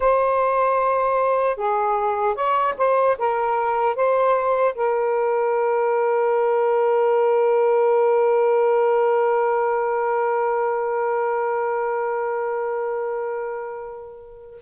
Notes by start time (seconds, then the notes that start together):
0.00 C5
1.56 G#4
2.34 C#5
2.77 C5
3.18 A#4
3.95 C5
4.74 A#4